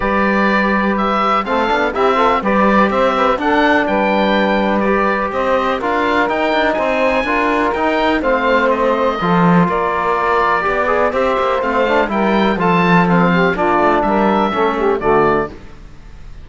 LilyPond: <<
  \new Staff \with { instrumentName = "oboe" } { \time 4/4 \tempo 4 = 124 d''2 e''4 f''4 | e''4 d''4 e''4 fis''4 | g''2 d''4 dis''4 | f''4 g''4 gis''2 |
g''4 f''4 dis''2 | d''2. e''4 | f''4 g''4 a''4 f''4 | d''4 e''2 d''4 | }
  \new Staff \with { instrumentName = "saxophone" } { \time 4/4 b'2. a'4 | g'8 a'8 b'4 c''8 b'8 a'4 | b'2. c''4 | ais'2 c''4 ais'4~ |
ais'4 c''2 a'4 | ais'2 d''4 c''4~ | c''4 ais'4 a'4. g'8 | f'4 ais'4 a'8 g'8 fis'4 | }
  \new Staff \with { instrumentName = "trombone" } { \time 4/4 g'2. c'8 d'8 | e'8 f'8 g'2 d'4~ | d'2 g'2 | f'4 dis'2 f'4 |
dis'4 c'2 f'4~ | f'2 g'8 gis'8 g'4 | c'8 d'8 e'4 f'4 c'4 | d'2 cis'4 a4 | }
  \new Staff \with { instrumentName = "cello" } { \time 4/4 g2. a8 b8 | c'4 g4 c'4 d'4 | g2. c'4 | d'4 dis'8 d'8 c'4 d'4 |
dis'4 a2 f4 | ais2 b4 c'8 ais8 | a4 g4 f2 | ais8 a8 g4 a4 d4 | }
>>